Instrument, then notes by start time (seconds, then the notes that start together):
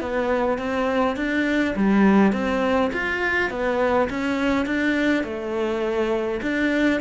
cello
0.00 B3
0.58 C4
1.16 D4
1.76 G3
2.32 C4
2.93 F4
3.50 B3
4.09 C#4
4.65 D4
5.23 A3
6.42 D4